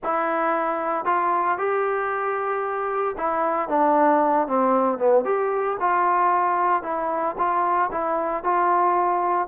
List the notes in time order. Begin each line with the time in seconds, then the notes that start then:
0.03 E4
1.05 F4
1.58 G4
3.17 E4
3.68 D4
4.47 C4
4.98 B3
5.24 G4
5.80 F4
6.83 E4
7.38 F4
7.91 E4
8.43 F4